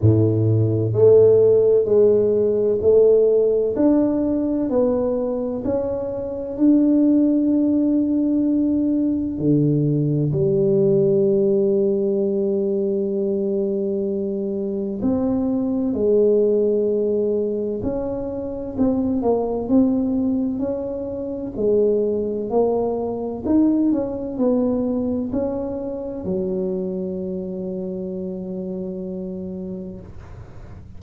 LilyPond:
\new Staff \with { instrumentName = "tuba" } { \time 4/4 \tempo 4 = 64 a,4 a4 gis4 a4 | d'4 b4 cis'4 d'4~ | d'2 d4 g4~ | g1 |
c'4 gis2 cis'4 | c'8 ais8 c'4 cis'4 gis4 | ais4 dis'8 cis'8 b4 cis'4 | fis1 | }